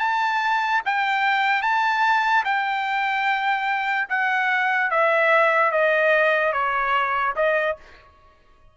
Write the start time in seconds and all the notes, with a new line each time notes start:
0.00 A5
0.86 G5
1.63 A5
2.45 G5
4.09 F#5
4.91 E5
5.72 D#5
6.53 C#5
7.36 D#5